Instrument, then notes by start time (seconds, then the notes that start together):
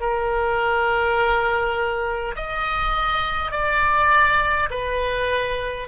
oboe
0.00 A#4
2.36 D#5
3.51 D5
4.70 B4